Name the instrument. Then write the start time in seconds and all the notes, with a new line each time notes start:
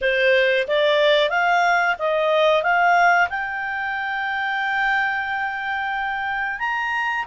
clarinet
0.01 C5
0.67 D5
1.29 F5
1.98 D#5
2.62 F5
3.29 G5
6.59 A#5